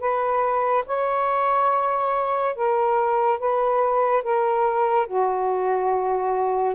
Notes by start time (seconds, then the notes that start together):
0.00 B4
0.86 C#5
2.55 A#4
3.40 B4
4.23 A#4
5.07 F#4